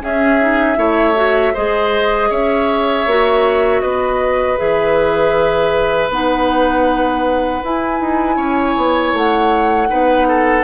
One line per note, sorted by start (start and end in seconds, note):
0.00 0.38 C#4
0.00 0.77 C#4
0.00 0.78 G#4
0.00 1.55 E5
0.41 0.75 D#4
0.75 1.53 A3
0.75 1.13 E4
0.75 1.53 C#5
1.15 1.53 F#4
1.53 2.30 G#3
1.53 3.07 G#4
1.53 2.29 C5
1.53 2.31 D#5
2.30 3.06 C#4
2.30 3.81 C#5
2.30 3.81 E5
3.06 3.81 A#3
3.06 4.57 F#4
3.81 4.58 B3
3.81 8.36 B4
3.81 4.57 D#5
4.57 6.09 E3
4.57 6.09 G#4
4.57 6.10 E5
6.09 7.61 B3
6.09 7.62 D#4
6.09 7.64 F#5
7.62 9.89 E4
7.62 8.00 E4
7.62 9.16 G#5
8.00 8.37 D#4
8.36 8.75 C#4
8.36 9.88 C#5
8.76 9.13 B3
9.13 9.89 A3
9.13 10.64 F#5
9.89 10.64 B3
9.89 10.64 D#4
9.89 10.27 B4
10.28 10.64 A4